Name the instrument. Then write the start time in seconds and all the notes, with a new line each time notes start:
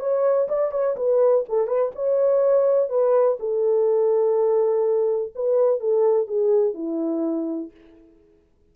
horn
0.00 C#5
0.49 D5
0.72 C#5
0.97 B4
1.50 A4
1.68 B4
1.96 C#5
2.90 B4
3.40 A4
5.36 B4
5.81 A4
6.27 G#4
6.75 E4